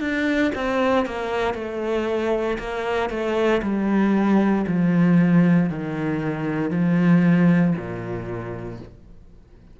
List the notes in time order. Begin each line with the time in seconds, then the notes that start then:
0.00 D4
0.55 C4
1.05 A#3
1.54 A3
2.58 A#3
3.09 A3
3.62 G3
4.66 F3
5.69 D#3
6.70 F3
7.76 A#2